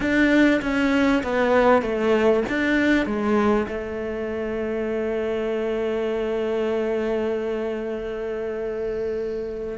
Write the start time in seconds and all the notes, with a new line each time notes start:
0.00 D4
0.61 C#4
1.23 B3
1.82 A3
2.48 D4
3.06 G#3
3.67 A3